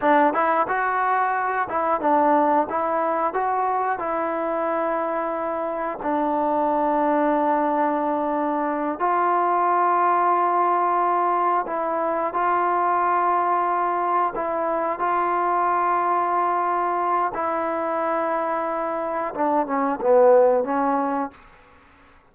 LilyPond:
\new Staff \with { instrumentName = "trombone" } { \time 4/4 \tempo 4 = 90 d'8 e'8 fis'4. e'8 d'4 | e'4 fis'4 e'2~ | e'4 d'2.~ | d'4. f'2~ f'8~ |
f'4. e'4 f'4.~ | f'4. e'4 f'4.~ | f'2 e'2~ | e'4 d'8 cis'8 b4 cis'4 | }